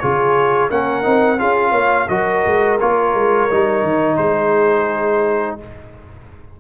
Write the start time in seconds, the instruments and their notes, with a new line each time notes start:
0.00 tuba C#3, trombone F4, horn G#4, trumpet C#5
0.70 tuba A#3, trombone C#4, horn A#4, trumpet F#5
1.03 tuba C4, trombone D#4
1.38 tuba C#4, trombone F4, horn G#4, trumpet F5
1.71 tuba A#3, horn C#5
2.08 tuba F#3, trombone F#4, horn A#4, trumpet D#5
2.47 tuba G#3
2.80 tuba A#3, trombone F4, trumpet C#5
3.14 tuba G#3
3.51 tuba G3, trombone D#4
3.83 tuba D#3
4.17 tuba G#3, horn G#4, trumpet C5